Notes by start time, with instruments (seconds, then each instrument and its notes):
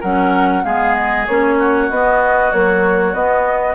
0.00 bassoon F#3, clarinet C#4, oboe A#4, flute F#5
0.64 bassoon G#3, clarinet B3, oboe G#4, flute F5
0.95 flute D#5
1.26 bassoon A#3, clarinet C#4, flute C#5
1.59 oboe F#4
1.89 bassoon B3, clarinet B3, flute D#5
2.51 clarinet F#3, bassoon A#3, flute C#5
3.14 bassoon B3, clarinet B3, flute D#5